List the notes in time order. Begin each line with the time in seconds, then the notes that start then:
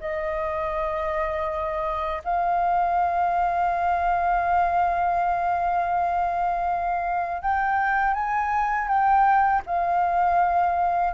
0.00 D#5
2.24 F5
7.42 G5
8.14 G#5
8.88 G5
9.66 F5